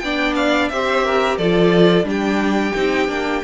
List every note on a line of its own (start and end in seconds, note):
0.00 0.71 B3
0.00 0.73 D4
0.00 0.72 D5
0.00 0.34 G5
0.36 0.69 F5
0.69 1.38 C4
0.69 1.41 G4
0.69 1.06 C5
0.69 1.37 E5
1.06 1.38 A#4
1.38 2.04 F3
1.38 2.04 F4
1.38 2.07 A4
1.38 2.06 D5
2.04 2.72 G3
2.04 2.72 D4
2.04 3.44 G4
2.10 3.44 G5
2.76 3.09 C4
2.76 3.08 D#4
3.08 3.43 A#3
3.08 3.42 D4